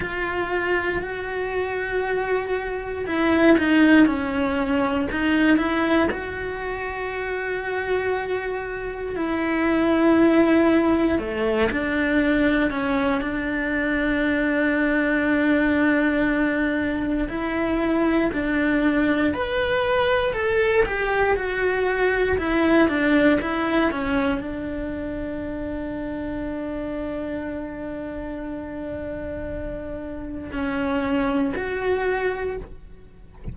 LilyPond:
\new Staff \with { instrumentName = "cello" } { \time 4/4 \tempo 4 = 59 f'4 fis'2 e'8 dis'8 | cis'4 dis'8 e'8 fis'2~ | fis'4 e'2 a8 d'8~ | d'8 cis'8 d'2.~ |
d'4 e'4 d'4 b'4 | a'8 g'8 fis'4 e'8 d'8 e'8 cis'8 | d'1~ | d'2 cis'4 fis'4 | }